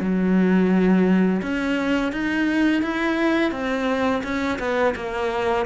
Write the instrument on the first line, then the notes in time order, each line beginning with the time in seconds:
cello
0.00 F#3
1.42 C#4
2.12 D#4
2.82 E4
3.51 C4
4.23 C#4
4.59 B3
4.95 A#3